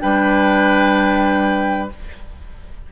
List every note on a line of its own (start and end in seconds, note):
0.00 1.92 G3
0.00 1.89 D4
0.00 1.92 B4
0.00 1.90 G5